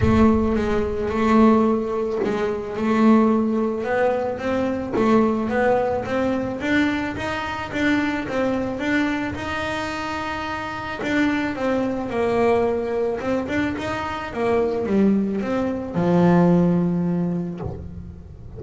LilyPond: \new Staff \with { instrumentName = "double bass" } { \time 4/4 \tempo 4 = 109 a4 gis4 a2 | gis4 a2 b4 | c'4 a4 b4 c'4 | d'4 dis'4 d'4 c'4 |
d'4 dis'2. | d'4 c'4 ais2 | c'8 d'8 dis'4 ais4 g4 | c'4 f2. | }